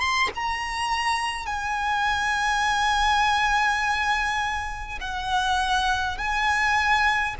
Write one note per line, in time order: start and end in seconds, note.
0.00 0.29 C6
0.35 1.47 A#5
1.47 4.99 G#5
5.01 6.18 F#5
6.18 7.35 G#5